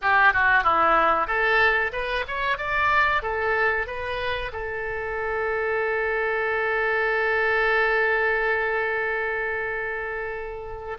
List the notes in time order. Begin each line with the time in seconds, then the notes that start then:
0.01 G4
0.33 F#4
0.63 E4
1.27 A4
1.92 B4
2.27 C#5
2.57 D5
3.22 A4
3.87 B4
4.52 A4